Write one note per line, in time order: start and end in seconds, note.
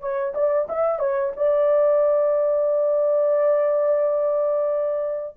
0.00 0.33 C#5
0.34 0.68 D5
0.69 0.99 E5
0.99 1.32 C#5
1.36 5.36 D5